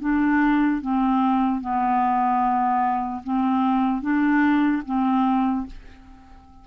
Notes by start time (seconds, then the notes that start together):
0.00 D4
0.81 C4
1.61 B3
3.24 C4
4.02 D4
4.86 C4